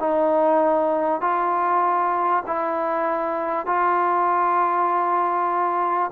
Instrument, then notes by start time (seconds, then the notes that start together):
trombone
0.00 D#4
1.21 F4
2.47 E4
3.67 F4